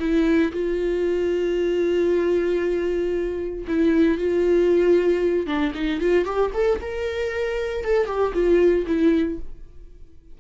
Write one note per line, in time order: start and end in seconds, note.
0.00 0.52 E4
0.52 3.65 F4
3.68 4.18 E4
4.18 5.47 F4
5.47 5.73 D4
5.75 6.01 D#4
6.01 6.25 F4
6.25 6.51 G4
6.54 6.80 A4
6.82 7.85 A#4
7.85 8.07 A4
8.07 8.33 G4
8.34 8.86 F4
8.87 9.39 E4